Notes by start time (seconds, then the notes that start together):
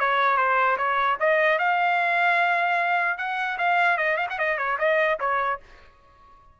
0.00 C#5
0.37 C5
0.78 C#5
1.20 D#5
1.59 F5
3.18 F#5
3.58 F5
3.98 D#5
4.17 F5
4.30 F#5
4.39 D#5
4.58 C#5
4.79 D#5
5.20 C#5